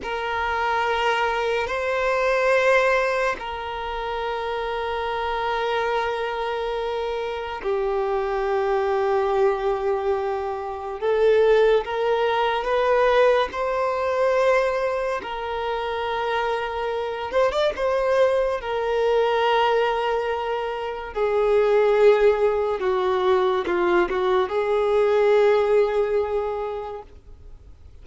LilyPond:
\new Staff \with { instrumentName = "violin" } { \time 4/4 \tempo 4 = 71 ais'2 c''2 | ais'1~ | ais'4 g'2.~ | g'4 a'4 ais'4 b'4 |
c''2 ais'2~ | ais'8 c''16 d''16 c''4 ais'2~ | ais'4 gis'2 fis'4 | f'8 fis'8 gis'2. | }